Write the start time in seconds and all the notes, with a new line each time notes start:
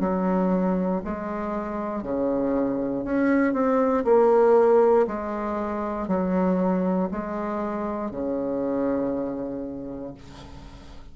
0.00 F#3
1.04 G#3
2.03 C#3
3.05 C#4
3.54 C4
4.05 A#3
5.08 G#3
6.08 F#3
7.12 G#3
8.11 C#3